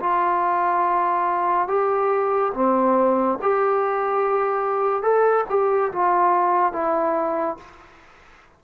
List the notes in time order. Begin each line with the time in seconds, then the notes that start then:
0.00 F4
1.68 G4
2.54 C4
3.42 G4
5.02 A4
5.50 G4
5.93 F4
6.73 E4